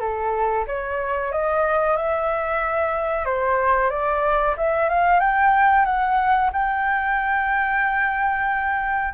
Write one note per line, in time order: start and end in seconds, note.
0.00 0.65 A4
0.67 1.32 C#5
1.32 1.97 D#5
1.97 3.25 E5
3.25 3.90 C5
3.90 4.55 D5
4.57 4.89 E5
4.89 5.20 F5
5.20 5.85 G5
5.85 6.51 F#5
6.53 9.14 G5